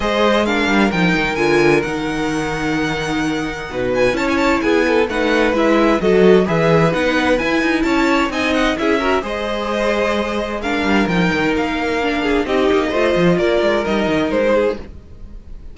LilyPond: <<
  \new Staff \with { instrumentName = "violin" } { \time 4/4 \tempo 4 = 130 dis''4 f''4 g''4 gis''4 | fis''1~ | fis''8 gis''8 a''16 gis''16 a''8 gis''4 fis''4 | e''4 dis''4 e''4 fis''4 |
gis''4 a''4 gis''8 fis''8 e''4 | dis''2. f''4 | g''4 f''2 dis''4~ | dis''4 d''4 dis''4 c''4 | }
  \new Staff \with { instrumentName = "violin" } { \time 4/4 c''4 ais'2.~ | ais'1 | b'4 cis''4 gis'8 a'8 b'4~ | b'4 a'4 b'2~ |
b'4 cis''4 dis''4 gis'8 ais'8 | c''2. ais'4~ | ais'2~ ais'8 gis'8 g'4 | c''4 ais'2~ ais'8 gis'8 | }
  \new Staff \with { instrumentName = "viola" } { \time 4/4 gis'4 d'4 dis'4 f'4 | dis'1~ | dis'4 e'2 dis'4 | e'4 fis'4 gis'4 dis'4 |
e'2 dis'4 e'8 fis'8 | gis'2. d'4 | dis'2 d'4 dis'4 | f'2 dis'2 | }
  \new Staff \with { instrumentName = "cello" } { \time 4/4 gis4. g8 f8 dis8 d4 | dis1 | b,4 cis'4 b4 a4 | gis4 fis4 e4 b4 |
e'8 dis'8 cis'4 c'4 cis'4 | gis2.~ gis8 g8 | f8 dis8 ais2 c'8 ais8 | a8 f8 ais8 gis8 g8 dis8 gis4 | }
>>